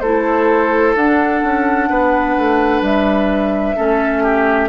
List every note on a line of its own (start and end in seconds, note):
0.00 0.95 A3
0.00 0.97 E4
0.00 1.89 A4
0.00 0.94 C5
0.95 1.42 D4
0.95 3.77 D4
0.95 2.83 F#5
1.44 1.89 C#4
1.89 2.36 B3
1.89 3.76 B4
2.37 2.81 A3
2.81 3.75 G3
2.81 4.69 E5
3.76 4.69 A3
3.76 4.69 C#4
3.76 4.23 A4
4.23 4.69 G4